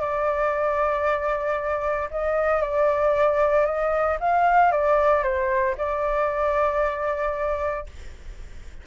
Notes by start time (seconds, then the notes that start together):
0.00 D5
2.11 D#5
2.61 D5
3.65 D#5
4.20 F5
4.72 D5
5.23 C5
5.77 D5